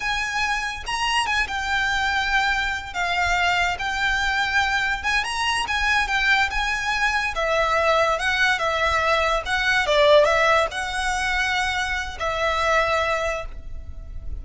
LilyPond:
\new Staff \with { instrumentName = "violin" } { \time 4/4 \tempo 4 = 143 gis''2 ais''4 gis''8 g''8~ | g''2. f''4~ | f''4 g''2. | gis''8 ais''4 gis''4 g''4 gis''8~ |
gis''4. e''2 fis''8~ | fis''8 e''2 fis''4 d''8~ | d''8 e''4 fis''2~ fis''8~ | fis''4 e''2. | }